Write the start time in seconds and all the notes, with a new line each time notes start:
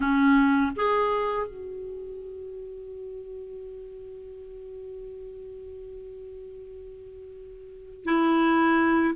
0.00 C#4
0.75 G#4
1.47 F#4
8.04 E4